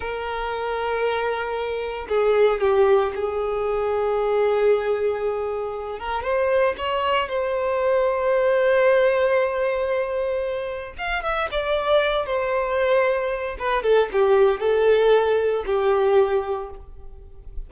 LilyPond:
\new Staff \with { instrumentName = "violin" } { \time 4/4 \tempo 4 = 115 ais'1 | gis'4 g'4 gis'2~ | gis'2.~ gis'8 ais'8 | c''4 cis''4 c''2~ |
c''1~ | c''4 f''8 e''8 d''4. c''8~ | c''2 b'8 a'8 g'4 | a'2 g'2 | }